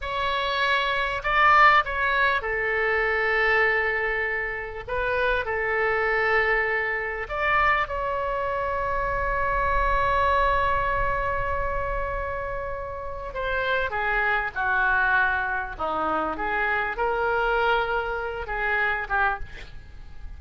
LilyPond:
\new Staff \with { instrumentName = "oboe" } { \time 4/4 \tempo 4 = 99 cis''2 d''4 cis''4 | a'1 | b'4 a'2. | d''4 cis''2.~ |
cis''1~ | cis''2 c''4 gis'4 | fis'2 dis'4 gis'4 | ais'2~ ais'8 gis'4 g'8 | }